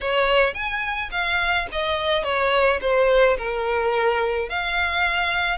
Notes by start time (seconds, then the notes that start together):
0.00 C#5
0.54 G#5
1.11 F5
1.72 D#5
2.23 C#5
2.81 C5
3.37 A#4
4.49 F5